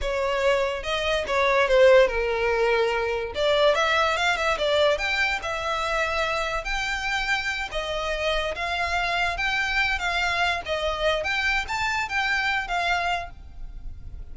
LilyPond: \new Staff \with { instrumentName = "violin" } { \time 4/4 \tempo 4 = 144 cis''2 dis''4 cis''4 | c''4 ais'2. | d''4 e''4 f''8 e''8 d''4 | g''4 e''2. |
g''2~ g''8 dis''4.~ | dis''8 f''2 g''4. | f''4. dis''4. g''4 | a''4 g''4. f''4. | }